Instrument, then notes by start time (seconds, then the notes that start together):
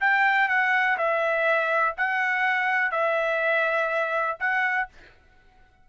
trumpet
0.00 G5
0.48 F#5
0.98 E5
1.97 F#5
2.91 E5
4.39 F#5